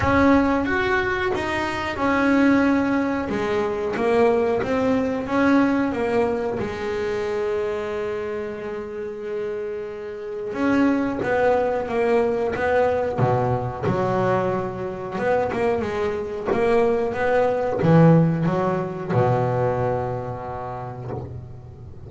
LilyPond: \new Staff \with { instrumentName = "double bass" } { \time 4/4 \tempo 4 = 91 cis'4 fis'4 dis'4 cis'4~ | cis'4 gis4 ais4 c'4 | cis'4 ais4 gis2~ | gis1 |
cis'4 b4 ais4 b4 | b,4 fis2 b8 ais8 | gis4 ais4 b4 e4 | fis4 b,2. | }